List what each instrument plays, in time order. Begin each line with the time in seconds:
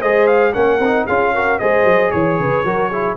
0.00 tuba G#3, trombone G#4, horn C5, trumpet D#5
0.26 trumpet F5
0.53 tuba A#3, trombone C#4, horn A#4, trumpet F#5
0.79 tuba C4, trombone D#4
1.06 tuba C#4, trombone F4, horn G#4, trumpet F5
1.34 trombone F#4, horn A#4
1.59 tuba G#3, trombone G#4, horn C5, trumpet D#5
1.83 tuba F#3
2.11 tuba E3, trumpet C#5, horn C#5
2.39 tuba C#3, horn B4
2.64 tuba F#3, trombone F#4, horn A#4
2.89 trombone E4, horn G#4